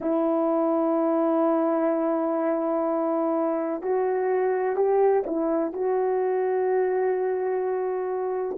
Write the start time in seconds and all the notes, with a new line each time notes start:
0.00 E4
3.81 F#4
4.76 G4
5.26 E4
5.72 F#4